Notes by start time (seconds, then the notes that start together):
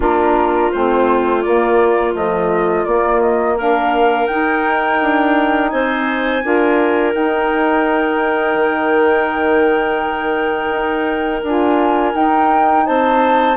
0.00 A#3 D4 F4 A#4
0.71 A3 C4 C5
1.42 A#3 D5
2.12 F3 A3 D#5
2.84 A#3 D5
3.20 D#5
3.56 D4 A#4 F5
4.26 D#4 G5
5.01 D4
5.69 C4 C5 G#5
6.42 D4 F4 A#4
7.12 D#4 G5
8.54 D#3
10.71 D#4
11.42 D4 F4 G#5
12.12 D#4 G5
12.85 C4 C5 A5